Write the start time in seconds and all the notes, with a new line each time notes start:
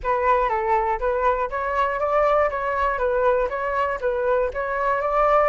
0.02 B4
0.49 A4
0.99 B4
1.50 C#5
1.99 D5
2.50 C#5
2.98 B4
3.49 C#5
4.00 B4
4.53 C#5
5.01 D5